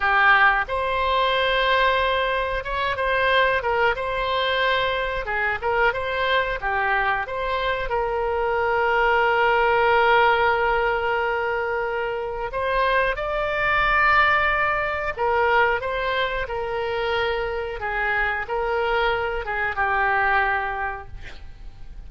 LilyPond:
\new Staff \with { instrumentName = "oboe" } { \time 4/4 \tempo 4 = 91 g'4 c''2. | cis''8 c''4 ais'8 c''2 | gis'8 ais'8 c''4 g'4 c''4 | ais'1~ |
ais'2. c''4 | d''2. ais'4 | c''4 ais'2 gis'4 | ais'4. gis'8 g'2 | }